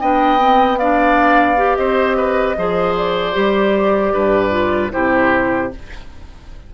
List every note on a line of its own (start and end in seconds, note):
0.00 1.77 B3
0.00 0.38 D4
0.00 0.79 D#5
0.00 0.78 G5
0.38 0.78 C4
0.78 1.57 D4
0.78 1.78 D5
0.78 1.76 F5
1.57 2.56 G4
1.76 2.56 C4
1.76 2.17 C5
1.76 2.94 D#5
2.17 2.56 B4
2.57 3.36 F3
2.57 3.33 G#4
2.57 4.13 C5
2.97 4.92 D5
3.33 4.13 G3
3.33 4.50 G4
4.13 4.92 G2
4.13 4.92 B4
4.50 4.90 F4
4.91 5.74 C3
4.91 5.70 E4
4.91 5.72 G4
4.91 5.71 C5